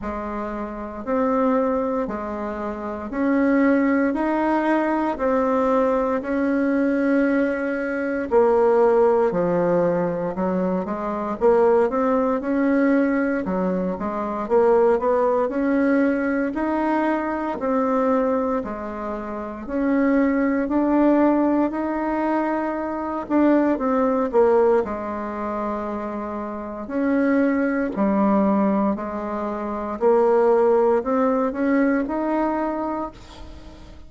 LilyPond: \new Staff \with { instrumentName = "bassoon" } { \time 4/4 \tempo 4 = 58 gis4 c'4 gis4 cis'4 | dis'4 c'4 cis'2 | ais4 f4 fis8 gis8 ais8 c'8 | cis'4 fis8 gis8 ais8 b8 cis'4 |
dis'4 c'4 gis4 cis'4 | d'4 dis'4. d'8 c'8 ais8 | gis2 cis'4 g4 | gis4 ais4 c'8 cis'8 dis'4 | }